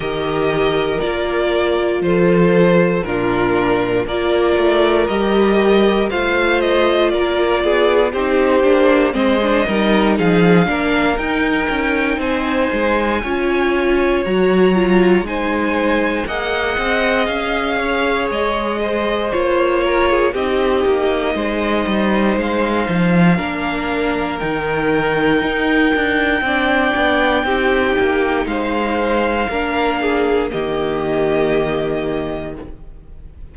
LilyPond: <<
  \new Staff \with { instrumentName = "violin" } { \time 4/4 \tempo 4 = 59 dis''4 d''4 c''4 ais'4 | d''4 dis''4 f''8 dis''8 d''4 | c''4 dis''4 f''4 g''4 | gis''2 ais''4 gis''4 |
fis''4 f''4 dis''4 cis''4 | dis''2 f''2 | g''1 | f''2 dis''2 | }
  \new Staff \with { instrumentName = "violin" } { \time 4/4 ais'2 a'4 f'4 | ais'2 c''4 ais'8 gis'8 | g'4 c''8 ais'8 gis'8 ais'4. | c''4 cis''2 c''4 |
dis''4. cis''4 c''4 ais'16 gis'16 | g'4 c''2 ais'4~ | ais'2 d''4 g'4 | c''4 ais'8 gis'8 g'2 | }
  \new Staff \with { instrumentName = "viola" } { \time 4/4 g'4 f'2 d'4 | f'4 g'4 f'2 | dis'8 d'8 c'16 d'16 dis'4 d'8 dis'4~ | dis'4 f'4 fis'8 f'8 dis'4 |
gis'2. f'4 | dis'2. d'4 | dis'2 d'4 dis'4~ | dis'4 d'4 ais2 | }
  \new Staff \with { instrumentName = "cello" } { \time 4/4 dis4 ais4 f4 ais,4 | ais8 a8 g4 a4 ais8 b8 | c'8 ais8 gis8 g8 f8 ais8 dis'8 cis'8 | c'8 gis8 cis'4 fis4 gis4 |
ais8 c'8 cis'4 gis4 ais4 | c'8 ais8 gis8 g8 gis8 f8 ais4 | dis4 dis'8 d'8 c'8 b8 c'8 ais8 | gis4 ais4 dis2 | }
>>